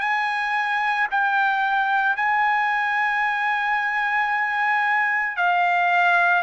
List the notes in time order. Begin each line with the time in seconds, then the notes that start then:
0.00 G#5
1.11 G5
2.16 G#5
5.37 F5